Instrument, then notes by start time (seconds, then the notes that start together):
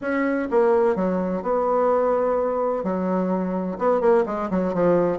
bassoon
0.01 C#4
0.50 A#3
0.95 F#3
1.42 B3
2.83 F#3
3.78 B3
4.00 A#3
4.26 G#3
4.50 F#3
4.74 F3